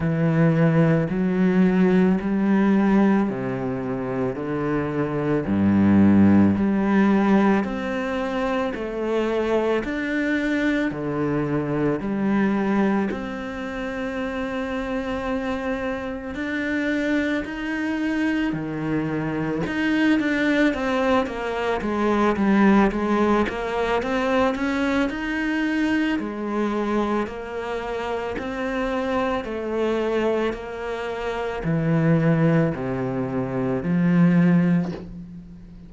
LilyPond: \new Staff \with { instrumentName = "cello" } { \time 4/4 \tempo 4 = 55 e4 fis4 g4 c4 | d4 g,4 g4 c'4 | a4 d'4 d4 g4 | c'2. d'4 |
dis'4 dis4 dis'8 d'8 c'8 ais8 | gis8 g8 gis8 ais8 c'8 cis'8 dis'4 | gis4 ais4 c'4 a4 | ais4 e4 c4 f4 | }